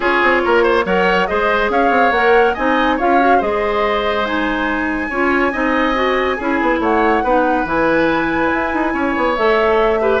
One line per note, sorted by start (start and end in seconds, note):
0.00 0.21 C#4
0.00 0.84 F4
0.00 0.41 G#4
0.00 0.86 C#5
0.22 0.43 C4
0.44 0.85 A#3
0.44 0.63 A#4
0.63 0.84 C5
0.85 1.27 F#3
0.85 1.27 A#4
0.85 1.28 C#5
0.85 1.27 F#5
1.27 1.69 G#3
1.27 2.12 G#4
1.27 1.71 C5
1.27 1.69 D#5
1.69 1.89 C#4
1.69 2.53 C#5
1.69 2.12 F5
1.89 2.11 C4
2.11 2.54 A#3
2.11 2.57 A#4
2.11 2.54 F#5
2.53 3.00 C4
2.53 2.99 D#4
2.53 2.96 D#5
2.53 2.97 G#5
2.96 3.41 C#4
2.96 3.20 F4
2.96 3.37 C#5
2.96 3.41 F5
3.20 3.40 F#4
3.37 5.10 G#3
3.37 4.25 G#4
3.37 5.07 C5
3.37 4.25 D#5
4.25 5.10 D#4
4.25 6.80 G#5
5.09 5.52 C#4
5.09 5.52 F4
5.09 5.52 C#5
5.52 6.39 C4
5.52 5.94 D#4
5.52 6.37 D#5
5.94 6.37 F#4
6.37 6.60 C#4
6.37 7.25 E4
6.37 6.79 G#4
6.61 6.79 B3
6.79 7.22 A3
6.79 7.23 C#5
6.79 7.66 F#5
7.23 7.64 B3
7.23 7.65 D#4
7.23 8.93 B4
7.64 8.49 E3
7.64 9.36 E4
7.64 9.36 G#5
8.53 8.73 E4
8.73 8.93 D#4
8.93 9.15 C#4
8.93 10.00 C#5
9.16 9.37 B3
9.36 10.20 A3
9.36 10.00 A4
9.36 10.20 E5
10.01 10.20 G4
10.01 10.20 B4